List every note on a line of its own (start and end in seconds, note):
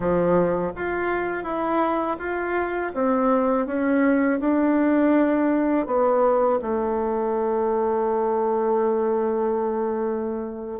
0.00 0.72 F3
0.75 1.43 F4
1.43 2.16 E4
2.19 2.92 F4
2.94 3.66 C4
3.66 4.39 C#4
4.40 5.86 D4
5.86 6.59 B3
6.61 10.80 A3